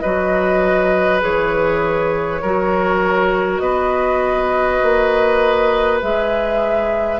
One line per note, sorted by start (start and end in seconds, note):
0.00 1.22 F#3
0.00 1.20 F#4
0.00 2.41 B4
0.00 1.20 D#5
1.20 2.42 E3
1.20 2.40 G#4
1.20 3.58 C#5
2.41 3.60 F#3
2.41 6.01 F#4
2.41 3.61 A#4
3.58 4.80 B3
3.58 7.19 B4
3.58 5.98 D#5
4.82 6.02 A#3
6.01 7.19 G#3
6.01 7.19 G#4
6.01 7.19 E5